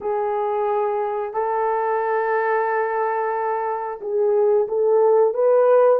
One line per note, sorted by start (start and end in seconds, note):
0.00 1.33 G#4
1.33 4.00 A4
4.00 4.67 G#4
4.68 5.34 A4
5.34 5.99 B4